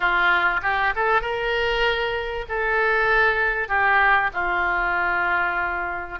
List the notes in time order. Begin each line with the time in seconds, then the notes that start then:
0.00 F4
0.62 G4
0.95 A4
1.21 A#4
2.48 A4
3.68 G4
4.33 F4